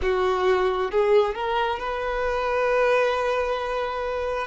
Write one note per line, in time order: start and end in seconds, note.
0.02 0.91 F#4
0.91 1.34 G#4
1.34 1.79 A#4
1.79 4.47 B4